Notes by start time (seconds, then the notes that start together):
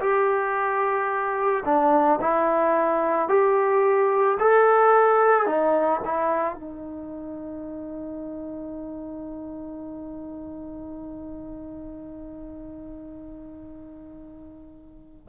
0.00 G4
1.65 D4
2.21 E4
3.29 G4
4.39 A4
5.46 D#4
6.05 E4
6.55 D#4